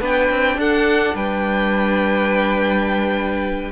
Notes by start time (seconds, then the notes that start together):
0.00 B3 D4 B4 G5
0.30 C4
0.57 D4 A4 F#5
1.15 G3 B4 G5